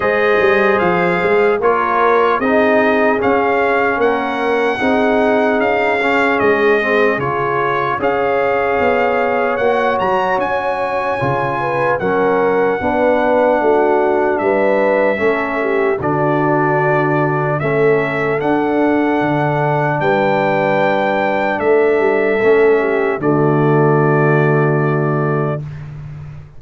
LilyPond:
<<
  \new Staff \with { instrumentName = "trumpet" } { \time 4/4 \tempo 4 = 75 dis''4 f''4 cis''4 dis''4 | f''4 fis''2 f''4 | dis''4 cis''4 f''2 | fis''8 ais''8 gis''2 fis''4~ |
fis''2 e''2 | d''2 e''4 fis''4~ | fis''4 g''2 e''4~ | e''4 d''2. | }
  \new Staff \with { instrumentName = "horn" } { \time 4/4 c''2 ais'4 gis'4~ | gis'4 ais'4 gis'2~ | gis'2 cis''2~ | cis''2~ cis''8 b'8 ais'4 |
b'4 fis'4 b'4 a'8 g'8 | fis'2 a'2~ | a'4 b'2 a'4~ | a'8 g'8 fis'2. | }
  \new Staff \with { instrumentName = "trombone" } { \time 4/4 gis'2 f'4 dis'4 | cis'2 dis'4. cis'8~ | cis'8 c'8 f'4 gis'2 | fis'2 f'4 cis'4 |
d'2. cis'4 | d'2 cis'4 d'4~ | d'1 | cis'4 a2. | }
  \new Staff \with { instrumentName = "tuba" } { \time 4/4 gis8 g8 f8 gis8 ais4 c'4 | cis'4 ais4 c'4 cis'4 | gis4 cis4 cis'4 b4 | ais8 fis8 cis'4 cis4 fis4 |
b4 a4 g4 a4 | d2 a4 d'4 | d4 g2 a8 g8 | a4 d2. | }
>>